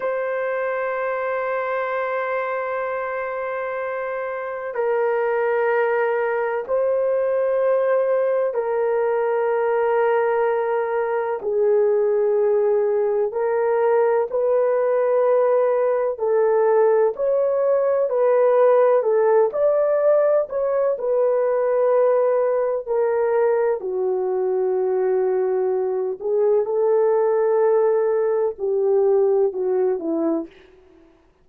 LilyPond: \new Staff \with { instrumentName = "horn" } { \time 4/4 \tempo 4 = 63 c''1~ | c''4 ais'2 c''4~ | c''4 ais'2. | gis'2 ais'4 b'4~ |
b'4 a'4 cis''4 b'4 | a'8 d''4 cis''8 b'2 | ais'4 fis'2~ fis'8 gis'8 | a'2 g'4 fis'8 e'8 | }